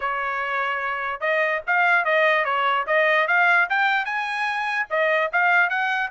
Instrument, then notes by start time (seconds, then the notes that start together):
trumpet
0.00 C#5
1.20 D#5
1.66 F5
2.04 D#5
2.44 C#5
2.86 D#5
3.27 F5
3.69 G5
4.05 G#5
4.90 D#5
5.32 F5
5.69 F#5